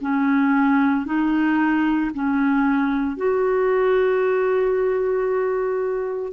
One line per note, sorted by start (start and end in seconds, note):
0.00 1.05 C#4
1.05 2.11 D#4
2.13 3.16 C#4
3.16 6.32 F#4